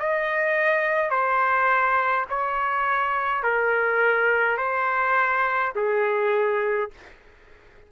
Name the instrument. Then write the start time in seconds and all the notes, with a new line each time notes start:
trumpet
0.00 D#5
1.11 C5
2.30 C#5
3.44 A#4
4.58 C5
5.76 G#4